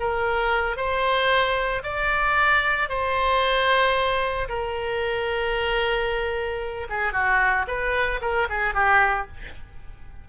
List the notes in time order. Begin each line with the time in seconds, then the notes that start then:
0.00 A#4
0.77 C5
1.83 D5
2.89 C5
4.49 A#4
6.90 G#4
7.13 F#4
7.67 B4
8.22 A#4
8.50 G#4
8.74 G4